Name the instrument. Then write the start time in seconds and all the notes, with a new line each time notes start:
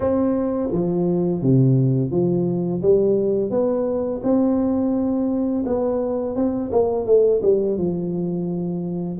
tuba
0.00 C4
0.71 F3
1.41 C3
2.10 F3
2.81 G3
3.50 B3
4.23 C4
5.65 B3
6.35 C4
6.71 A#3
7.06 A3
7.42 G3
7.77 F3